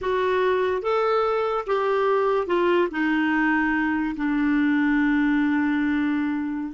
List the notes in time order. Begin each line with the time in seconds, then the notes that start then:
0.01 F#4
0.82 A4
1.66 G4
2.46 F4
2.91 D#4
4.16 D4